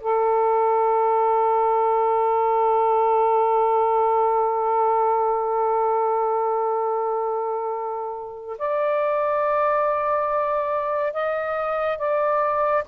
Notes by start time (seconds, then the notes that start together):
0.00 A4
8.58 D5
11.13 D#5
11.98 D5